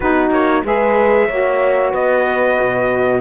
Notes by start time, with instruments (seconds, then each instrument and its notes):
0.00 cello B3, saxophone D#4, horn F#4, trumpet B4
0.30 cello A#3, trumpet C#5
0.64 cello G#3, saxophone G#4, horn B4, trumpet E5
1.27 cello A#3, saxophone F#4, horn C#5
1.90 cello B3, horn B4, trumpet D#5
2.60 cello B2